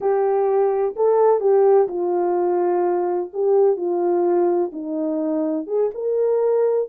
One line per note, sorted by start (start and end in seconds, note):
0.00 0.95 G4
0.96 1.40 A4
1.40 1.87 G4
1.88 3.29 F4
3.33 3.76 G4
3.76 4.71 F4
4.72 5.66 D#4
5.66 5.90 G#4
5.94 6.88 A#4